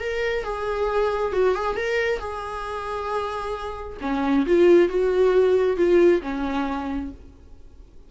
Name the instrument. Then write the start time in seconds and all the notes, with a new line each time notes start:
viola
0.00 A#4
0.44 G#4
1.33 F#4
1.55 G#4
1.76 A#4
2.19 G#4
4.01 C#4
4.46 F4
4.89 F#4
5.77 F4
6.22 C#4